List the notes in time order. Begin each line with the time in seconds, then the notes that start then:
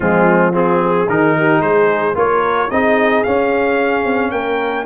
0.00 F3 G#3 C4 F4
0.52 C4 F4 G#4
0.83 G#4
1.08 D#3 D#4 A#4
1.38 G4
1.60 G#3 G#4 C5
2.14 A#3 F4 A#4 C#5
2.70 C4 D#4 G#4 D#5
3.23 C#4 F5
4.05 C4
4.31 A#3 A#4 G5